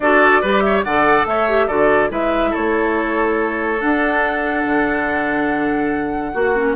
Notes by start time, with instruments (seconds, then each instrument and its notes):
0.00 bassoon D4, clarinet F#4, oboe A4, flute D5
0.41 bassoon G3, clarinet G4, oboe B4
0.60 oboe C#5, flute E5
0.83 bassoon D3, clarinet A4, oboe D5, flute F#5
1.25 bassoon A3, oboe C#5, flute E5
1.49 clarinet G4
1.66 bassoon D3, clarinet F#4, oboe A4, flute D5
2.09 bassoon G#3, clarinet E4, oboe B4, flute E5
2.50 oboe A4, flute C#5
2.56 bassoon A3
3.81 clarinet D4, bassoon D4, flute F#5
4.65 bassoon D3
6.33 bassoon A#3, oboe F#4, clarinet F#4
6.55 clarinet C#4